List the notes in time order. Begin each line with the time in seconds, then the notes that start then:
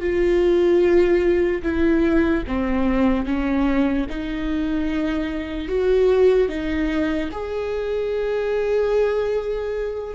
0.00 F4
1.63 E4
2.47 C4
3.25 C#4
4.09 D#4
5.68 F#4
6.49 D#4
7.32 G#4